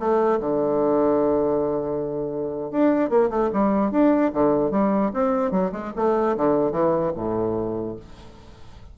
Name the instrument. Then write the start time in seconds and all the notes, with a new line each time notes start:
bassoon
0.00 A3
0.40 D3
2.72 D4
3.10 A#3
3.30 A3
3.53 G3
3.92 D4
4.34 D3
4.72 G3
5.14 C4
5.52 F#3
5.73 G#3
5.97 A3
6.37 D3
6.72 E3
7.16 A2